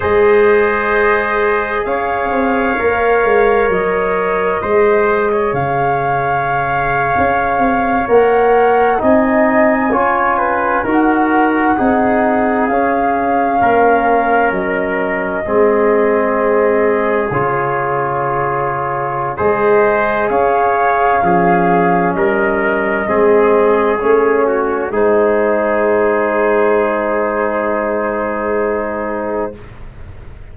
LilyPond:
<<
  \new Staff \with { instrumentName = "flute" } { \time 4/4 \tempo 4 = 65 dis''2 f''2 | dis''2 f''2~ | f''8. fis''4 gis''2 fis''16~ | fis''4.~ fis''16 f''2 dis''16~ |
dis''2~ dis''8. cis''4~ cis''16~ | cis''4 dis''4 f''2 | dis''2 cis''4 c''4~ | c''1 | }
  \new Staff \with { instrumentName = "trumpet" } { \time 4/4 c''2 cis''2~ | cis''4 c''8. cis''2~ cis''16~ | cis''4.~ cis''16 dis''4 cis''8 b'8 ais'16~ | ais'8. gis'2 ais'4~ ais'16~ |
ais'8. gis'2.~ gis'16~ | gis'4 c''4 cis''4 gis'4 | ais'4 gis'4. fis'8 gis'4~ | gis'1 | }
  \new Staff \with { instrumentName = "trombone" } { \time 4/4 gis'2. ais'4~ | ais'4 gis'2.~ | gis'8. ais'4 dis'4 f'4 fis'16~ | fis'8. dis'4 cis'2~ cis'16~ |
cis'8. c'2 f'4~ f'16~ | f'4 gis'2 cis'4~ | cis'4 c'4 cis'4 dis'4~ | dis'1 | }
  \new Staff \with { instrumentName = "tuba" } { \time 4/4 gis2 cis'8 c'8 ais8 gis8 | fis4 gis4 cis4.~ cis16 cis'16~ | cis'16 c'8 ais4 c'4 cis'4 dis'16~ | dis'8. c'4 cis'4 ais4 fis16~ |
fis8. gis2 cis4~ cis16~ | cis4 gis4 cis'4 f4 | g4 gis4 a4 gis4~ | gis1 | }
>>